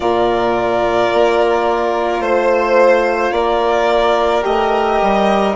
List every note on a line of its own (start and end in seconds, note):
0.00 1.08 A#2
0.00 4.42 F4
0.00 2.22 A#4
0.00 2.21 D5
1.13 2.20 A#3
2.20 3.31 A3
2.20 3.32 C5
2.20 3.33 C5
3.31 4.42 A#3
3.31 5.55 A#4
3.31 4.43 D5
4.42 5.00 A3
4.42 5.53 G4
4.42 5.55 D#5
5.01 5.55 G3